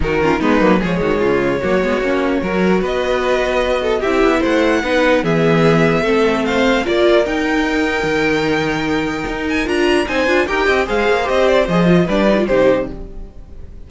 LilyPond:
<<
  \new Staff \with { instrumentName = "violin" } { \time 4/4 \tempo 4 = 149 ais'4 b'4 cis''2~ | cis''2. dis''4~ | dis''2 e''4 fis''4~ | fis''4 e''2. |
f''4 d''4 g''2~ | g''2.~ g''8 gis''8 | ais''4 gis''4 g''4 f''4 | dis''8 d''8 dis''4 d''4 c''4 | }
  \new Staff \with { instrumentName = "violin" } { \time 4/4 fis'8 f'8 dis'4 gis'8 fis'8 f'4 | fis'2 ais'4 b'4~ | b'4. a'8 g'4 c''4 | b'4 gis'2 a'4 |
c''4 ais'2.~ | ais'1~ | ais'4 c''4 ais'8 dis''8 c''4~ | c''2 b'4 g'4 | }
  \new Staff \with { instrumentName = "viola" } { \time 4/4 dis'8 cis'8 b8 ais8 gis2 | ais8 b8 cis'4 fis'2~ | fis'2 e'2 | dis'4 b2 c'4~ |
c'4 f'4 dis'2~ | dis'1 | f'4 dis'8 f'8 g'4 gis'4 | g'4 gis'8 f'8 d'8 dis'16 f'16 dis'4 | }
  \new Staff \with { instrumentName = "cello" } { \time 4/4 dis4 gis8 fis8 f8 dis8 cis4 | fis8 gis8 ais4 fis4 b4~ | b2 c'8 b8 a4 | b4 e2 a4~ |
a4 ais4 dis'2 | dis2. dis'4 | d'4 c'8 d'8 dis'8 c'8 gis8 ais8 | c'4 f4 g4 c4 | }
>>